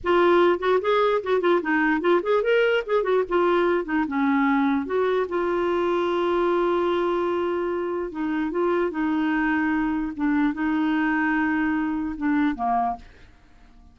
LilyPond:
\new Staff \with { instrumentName = "clarinet" } { \time 4/4 \tempo 4 = 148 f'4. fis'8 gis'4 fis'8 f'8 | dis'4 f'8 gis'8 ais'4 gis'8 fis'8 | f'4. dis'8 cis'2 | fis'4 f'2.~ |
f'1 | dis'4 f'4 dis'2~ | dis'4 d'4 dis'2~ | dis'2 d'4 ais4 | }